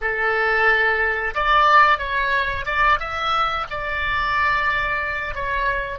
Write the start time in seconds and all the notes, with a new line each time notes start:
0.01 A4
1.34 D5
1.98 C#5
2.65 D5
2.99 E5
3.70 D5
5.35 C#5